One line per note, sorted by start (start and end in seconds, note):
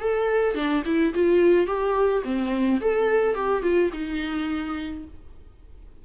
0.00 0.55 A4
0.55 0.83 D4
0.86 1.14 E4
1.14 1.67 F4
1.67 2.23 G4
2.24 2.80 C4
2.81 3.35 A4
3.35 3.62 G4
3.62 3.90 F4
3.93 5.05 D#4